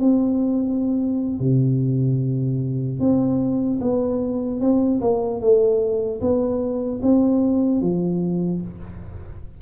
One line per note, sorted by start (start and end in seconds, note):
0.00 1.40 C4
1.40 3.00 C3
3.00 3.80 C4
3.81 4.61 B3
4.61 5.01 C4
5.01 5.41 A#3
5.41 6.21 A3
6.21 7.01 B3
7.03 7.81 C4
7.81 8.61 F3